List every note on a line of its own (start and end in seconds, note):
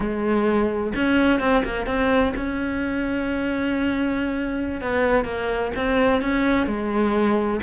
0.00 0.93 G#3
0.95 1.39 C#4
1.39 1.63 C4
1.64 1.86 A#3
1.86 2.33 C4
2.36 4.81 C#4
4.81 5.25 B3
5.25 5.71 A#3
5.75 6.21 C4
6.21 6.66 C#4
6.66 7.60 G#3